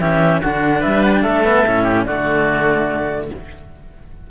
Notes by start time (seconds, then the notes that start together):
0.00 E3 C#4 G4 E5
0.41 D3 D4 F#4 F#5
0.80 G3 B4 E5
1.03 F#5
1.15 G5
1.22 A3 A4 E5
1.45 B3
1.65 A2 C#4
1.84 G4
2.05 D3 A3 F#4 D5